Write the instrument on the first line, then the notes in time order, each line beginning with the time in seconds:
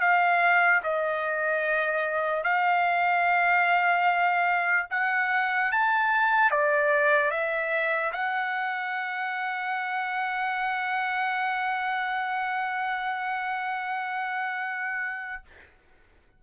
trumpet
0.00 F5
0.83 D#5
2.43 F5
4.90 F#5
5.71 A5
6.50 D5
7.31 E5
8.12 F#5